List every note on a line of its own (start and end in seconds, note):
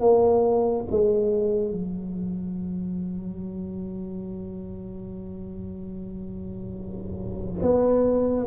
0.00 0.85 A#3
0.90 1.71 G#3
1.71 7.62 F#3
7.62 8.46 B3